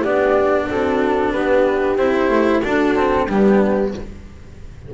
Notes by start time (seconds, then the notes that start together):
0.00 B3 D4 G4 D5
0.69 C4 F#4 A4
1.32 B3 G4 B4
1.97 C4 E4 C5
2.29 A3
2.62 D4 F#4 A4
2.95 C4
3.26 G3 B3 D4 G4